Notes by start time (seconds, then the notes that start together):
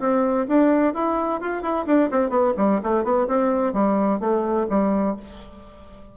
0.00 C4
0.48 D4
0.94 E4
1.41 F4
1.63 E4
1.87 D4
2.11 C4
2.30 B3
2.57 G3
2.83 A3
3.04 B3
3.28 C4
3.74 G3
4.20 A3
4.70 G3